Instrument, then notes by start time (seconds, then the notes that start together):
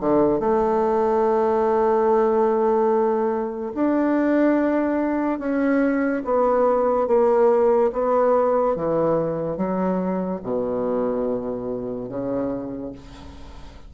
bassoon
0.00 D3
0.40 A3
3.75 D4
5.39 C#4
6.25 B3
7.08 A#3
7.92 B3
8.76 E3
9.57 F#3
10.43 B2
12.09 C#3